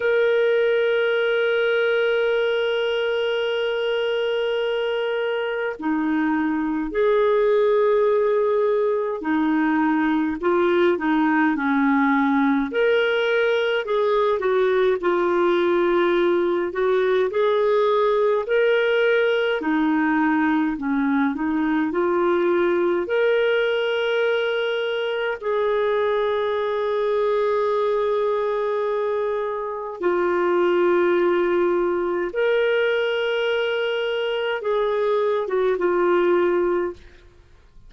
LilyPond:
\new Staff \with { instrumentName = "clarinet" } { \time 4/4 \tempo 4 = 52 ais'1~ | ais'4 dis'4 gis'2 | dis'4 f'8 dis'8 cis'4 ais'4 | gis'8 fis'8 f'4. fis'8 gis'4 |
ais'4 dis'4 cis'8 dis'8 f'4 | ais'2 gis'2~ | gis'2 f'2 | ais'2 gis'8. fis'16 f'4 | }